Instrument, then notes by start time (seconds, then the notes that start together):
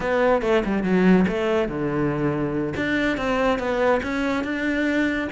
cello
0.00 B3
0.42 A3
0.64 G3
0.83 F#3
1.28 A3
1.68 D3
2.76 D4
3.17 C4
3.58 B3
4.03 C#4
4.44 D4